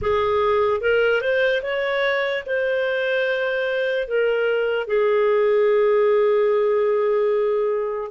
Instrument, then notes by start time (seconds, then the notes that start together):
clarinet
0.01 G#4
0.81 A#4
1.21 C5
1.62 C#5
2.46 C5
4.07 A#4
4.86 G#4